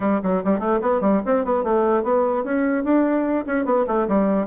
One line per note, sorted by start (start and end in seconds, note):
0.00 0.20 G3
0.22 0.43 F#3
0.44 0.59 G3
0.59 0.79 A3
0.81 1.01 B3
1.01 1.21 G3
1.25 1.44 C4
1.44 1.63 B3
1.63 2.03 A3
2.03 2.44 B3
2.44 2.84 C#4
2.84 3.45 D4
3.46 3.65 C#4
3.65 3.85 B3
3.87 4.07 A3
4.07 4.46 G3